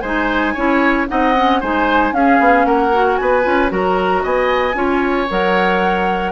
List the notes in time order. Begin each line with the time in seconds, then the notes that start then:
0.00 G#3 D#4 C5 G#5
0.54 C#4 E4 C#5
1.08 C4 D#4 D#5 F#5
1.36 C#4
1.61 G#3 D#4 C5 G#5
2.12 C#4 G#4 F5
2.40 B3
2.65 A#3 A#4 F#5
2.93 F#4
3.17 B3 B4 G#5
3.43 C#4 F4
3.69 F#3 F#4 A#4 A#5
4.23 B3 D#5 G#5
4.75 C#4 F4 C#5
5.31 F#3 A#4 F#5